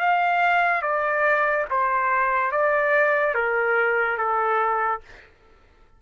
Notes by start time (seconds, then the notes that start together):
0.00 F5
0.83 D5
1.71 C5
2.52 D5
3.35 A#4
4.18 A4